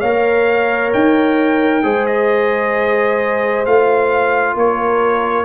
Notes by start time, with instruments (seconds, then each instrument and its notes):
0.00 tuba A#3, trombone A#4, horn C#5, trumpet F5
0.93 tuba D#4, trumpet G5
1.84 tuba G#3, trombone G#4, horn C5
2.07 trumpet D#5
3.66 tuba A3, trombone F4, trumpet F5
4.55 tuba A#3, horn A#4, trumpet C#5